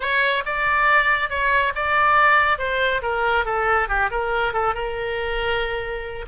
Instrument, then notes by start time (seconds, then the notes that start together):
oboe
0.00 C#5
0.45 D5
1.29 C#5
1.75 D5
2.58 C5
3.02 A#4
3.45 A4
3.88 G4
4.10 A#4
4.53 A4
4.74 A#4